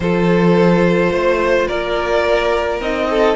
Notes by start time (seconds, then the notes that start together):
0.00 F3 F4 A4 C5
1.10 A3 C5
1.67 A#3 A#4 D5
2.80 C4 D#4 D#5
3.10 A4